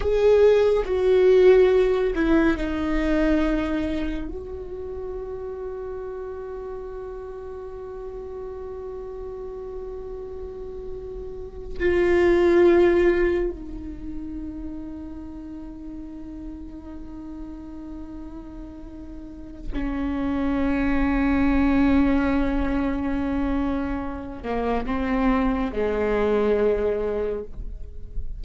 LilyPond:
\new Staff \with { instrumentName = "viola" } { \time 4/4 \tempo 4 = 70 gis'4 fis'4. e'8 dis'4~ | dis'4 fis'2.~ | fis'1~ | fis'4.~ fis'16 f'2 dis'16~ |
dis'1~ | dis'2. cis'4~ | cis'1~ | cis'8 ais8 c'4 gis2 | }